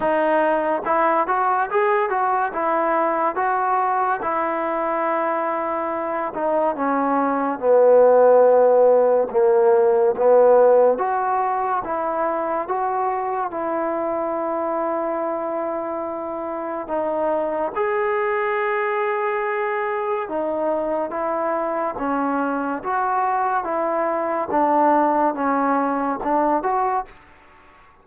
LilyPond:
\new Staff \with { instrumentName = "trombone" } { \time 4/4 \tempo 4 = 71 dis'4 e'8 fis'8 gis'8 fis'8 e'4 | fis'4 e'2~ e'8 dis'8 | cis'4 b2 ais4 | b4 fis'4 e'4 fis'4 |
e'1 | dis'4 gis'2. | dis'4 e'4 cis'4 fis'4 | e'4 d'4 cis'4 d'8 fis'8 | }